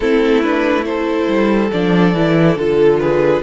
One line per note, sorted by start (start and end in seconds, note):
0.00 1.27 A3
0.00 0.43 C4
0.00 0.87 E4
0.00 0.41 A4
0.41 0.83 D4
0.41 0.84 B4
0.83 1.69 E4
0.83 2.99 A4
0.83 1.71 C5
1.28 1.71 G3
1.72 2.14 F3
1.72 2.15 D4
1.72 2.57 D5
2.14 2.56 E3
2.14 2.57 E4
2.56 3.42 D3
2.56 3.42 F4
2.56 2.99 A4
2.99 3.42 G#4
2.99 3.42 B4